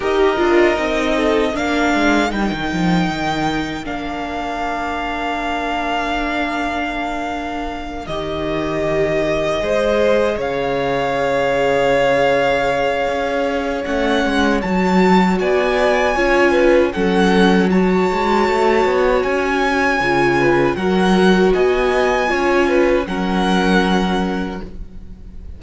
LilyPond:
<<
  \new Staff \with { instrumentName = "violin" } { \time 4/4 \tempo 4 = 78 dis''2 f''4 g''4~ | g''4 f''2.~ | f''2~ f''8 dis''4.~ | dis''4. f''2~ f''8~ |
f''2 fis''4 a''4 | gis''2 fis''4 a''4~ | a''4 gis''2 fis''4 | gis''2 fis''2 | }
  \new Staff \with { instrumentName = "violin" } { \time 4/4 ais'4. a'8 ais'2~ | ais'1~ | ais'1~ | ais'8 c''4 cis''2~ cis''8~ |
cis''1 | d''4 cis''8 b'8 a'4 cis''4~ | cis''2~ cis''8 b'8 ais'4 | dis''4 cis''8 b'8 ais'2 | }
  \new Staff \with { instrumentName = "viola" } { \time 4/4 g'8 f'8 dis'4 d'4 dis'4~ | dis'4 d'2.~ | d'2~ d'8 g'4.~ | g'8 gis'2.~ gis'8~ |
gis'2 cis'4 fis'4~ | fis'4 f'4 cis'4 fis'4~ | fis'2 f'4 fis'4~ | fis'4 f'4 cis'2 | }
  \new Staff \with { instrumentName = "cello" } { \time 4/4 dis'8 d'8 c'4 ais8 gis8 g16 dis16 f8 | dis4 ais2.~ | ais2~ ais8 dis4.~ | dis8 gis4 cis2~ cis8~ |
cis4 cis'4 a8 gis8 fis4 | b4 cis'4 fis4. gis8 | a8 b8 cis'4 cis4 fis4 | b4 cis'4 fis2 | }
>>